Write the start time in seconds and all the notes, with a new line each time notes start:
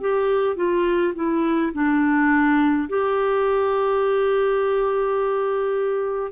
0.00 G4
0.56 F4
1.15 E4
1.73 D4
2.88 G4